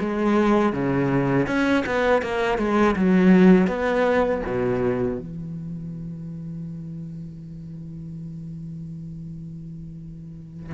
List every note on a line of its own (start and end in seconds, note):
0.00 0.73 G#3
0.73 1.47 C#3
1.47 1.84 C#4
1.86 2.22 B3
2.22 2.58 A#3
2.58 2.95 G#3
2.96 3.67 F#3
3.67 4.41 B3
4.46 5.19 B2
5.19 10.74 E3